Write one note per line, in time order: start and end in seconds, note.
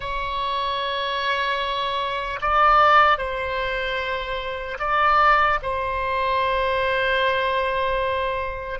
0.00 2.39 C#5
2.41 3.18 D5
3.18 4.78 C5
4.79 5.59 D5
5.62 8.79 C5